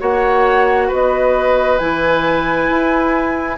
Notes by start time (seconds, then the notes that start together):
0.00 A#3 F#4 C#5 F#5
0.88 B3 B4 D#5
1.79 E3 E4 G#5
2.70 E4